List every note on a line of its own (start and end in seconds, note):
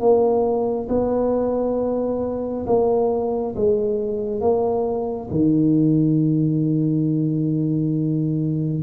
0.00 0.88 A#3
0.89 2.66 B3
2.67 3.55 A#3
3.56 4.41 G#3
4.41 5.29 A#3
5.30 8.83 D#3